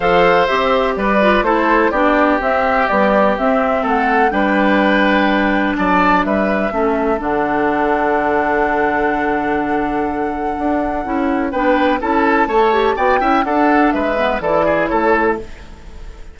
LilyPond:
<<
  \new Staff \with { instrumentName = "flute" } { \time 4/4 \tempo 4 = 125 f''4 e''4 d''4 c''4 | d''4 e''4 d''4 e''4 | fis''4 g''2. | a''4 e''2 fis''4~ |
fis''1~ | fis''1 | g''4 a''2 g''4 | fis''4 e''4 d''4 cis''4 | }
  \new Staff \with { instrumentName = "oboe" } { \time 4/4 c''2 b'4 a'4 | g'1 | a'4 b'2. | d''4 b'4 a'2~ |
a'1~ | a'1 | b'4 a'4 cis''4 d''8 e''8 | a'4 b'4 a'8 gis'8 a'4 | }
  \new Staff \with { instrumentName = "clarinet" } { \time 4/4 a'4 g'4. f'8 e'4 | d'4 c'4 g4 c'4~ | c'4 d'2.~ | d'2 cis'4 d'4~ |
d'1~ | d'2. e'4 | d'4 e'4 a'8 g'8 fis'8 e'8 | d'4. b8 e'2 | }
  \new Staff \with { instrumentName = "bassoon" } { \time 4/4 f4 c'4 g4 a4 | b4 c'4 b4 c'4 | a4 g2. | fis4 g4 a4 d4~ |
d1~ | d2 d'4 cis'4 | b4 cis'4 a4 b8 cis'8 | d'4 gis4 e4 a4 | }
>>